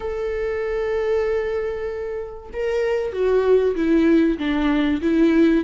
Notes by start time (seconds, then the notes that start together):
0.00 A4
2.53 A#4
3.12 F#4
3.75 E4
4.38 D4
5.01 E4